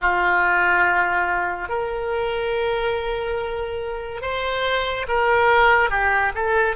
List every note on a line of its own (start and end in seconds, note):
0.01 1.68 F4
1.68 4.21 A#4
4.21 5.06 C5
5.08 5.90 A#4
5.90 6.32 G4
6.34 6.76 A4